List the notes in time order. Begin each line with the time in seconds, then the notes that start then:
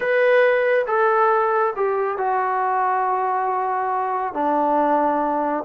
0.00 B4
0.87 A4
1.76 G4
2.17 F#4
4.33 D4